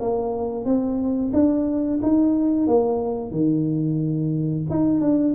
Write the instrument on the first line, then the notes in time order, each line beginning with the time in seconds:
tuba
0.00 A#3
0.65 C4
1.33 D4
2.02 D#4
2.67 A#3
3.31 D#3
4.70 D#4
5.01 D4